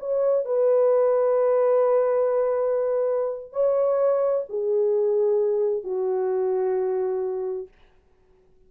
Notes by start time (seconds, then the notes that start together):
0.00 C#5
0.46 B4
3.53 C#5
4.50 G#4
5.84 F#4